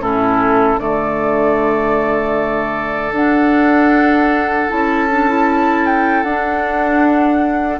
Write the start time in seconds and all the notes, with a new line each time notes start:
0.00 A2 C#4 E4 A4
0.78 D3 A3 A4 D5
3.12 D4 F#5
4.69 C#4 E4 A5
5.10 D4
5.28 E4
5.86 G5
6.23 D4 F#5